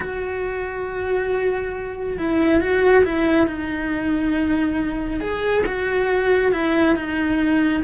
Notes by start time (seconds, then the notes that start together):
0.00 F#4
2.18 E4
2.60 F#4
3.04 E4
3.47 D#4
5.20 G#4
5.66 F#4
6.52 E4
6.95 D#4